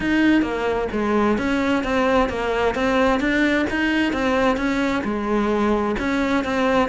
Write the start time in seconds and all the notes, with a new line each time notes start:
0.00 D#4
0.42 A#3
0.92 G#3
1.37 C#4
1.83 C4
2.29 A#3
2.75 C4
3.19 D4
3.70 D#4
4.13 C4
4.57 C#4
5.04 G#3
5.99 C#4
6.44 C4